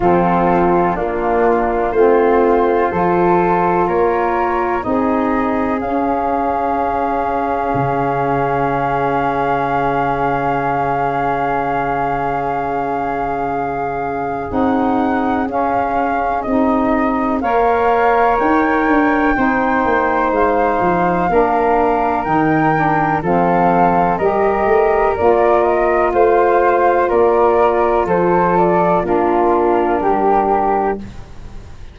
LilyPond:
<<
  \new Staff \with { instrumentName = "flute" } { \time 4/4 \tempo 4 = 62 a'4 f'4 c''2 | cis''4 dis''4 f''2~ | f''1~ | f''2. fis''4 |
f''4 dis''4 f''4 g''4~ | g''4 f''2 g''4 | f''4 dis''4 d''8 dis''8 f''4 | d''4 c''8 d''8 ais'2 | }
  \new Staff \with { instrumentName = "flute" } { \time 4/4 f'4 d'4 f'4 a'4 | ais'4 gis'2.~ | gis'1~ | gis'1~ |
gis'2 cis''2 | c''2 ais'2 | a'4 ais'2 c''4 | ais'4 a'4 f'4 g'4 | }
  \new Staff \with { instrumentName = "saxophone" } { \time 4/4 c'4 ais4 c'4 f'4~ | f'4 dis'4 cis'2~ | cis'1~ | cis'2. dis'4 |
cis'4 dis'4 ais'2 | dis'2 d'4 dis'8 d'8 | c'4 g'4 f'2~ | f'2 d'2 | }
  \new Staff \with { instrumentName = "tuba" } { \time 4/4 f4 ais4 a4 f4 | ais4 c'4 cis'2 | cis1~ | cis2. c'4 |
cis'4 c'4 ais4 dis'8 d'8 | c'8 ais8 gis8 f8 ais4 dis4 | f4 g8 a8 ais4 a4 | ais4 f4 ais4 g4 | }
>>